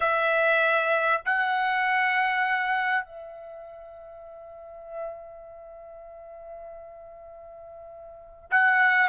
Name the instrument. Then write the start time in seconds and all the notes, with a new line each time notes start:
trumpet
0.00 E5
1.25 F#5
3.05 E5
8.50 F#5